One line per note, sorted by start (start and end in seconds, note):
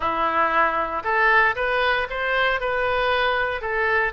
0.00 1.03 E4
1.03 1.55 A4
1.55 2.07 B4
2.10 2.60 C5
2.60 3.61 B4
3.61 4.12 A4